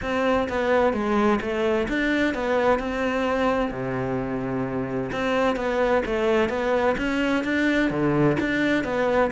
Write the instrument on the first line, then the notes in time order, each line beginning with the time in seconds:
cello
0.01 C4
0.48 B3
0.93 G#3
1.41 A3
1.88 D4
2.34 B3
2.79 C4
3.71 C3
5.11 C4
5.55 B3
6.05 A3
6.49 B3
6.97 C#4
7.44 D4
7.90 D3
8.40 D4
8.84 B3